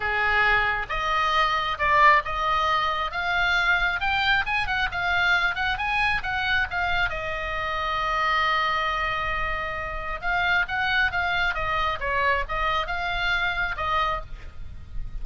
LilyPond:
\new Staff \with { instrumentName = "oboe" } { \time 4/4 \tempo 4 = 135 gis'2 dis''2 | d''4 dis''2 f''4~ | f''4 g''4 gis''8 fis''8 f''4~ | f''8 fis''8 gis''4 fis''4 f''4 |
dis''1~ | dis''2. f''4 | fis''4 f''4 dis''4 cis''4 | dis''4 f''2 dis''4 | }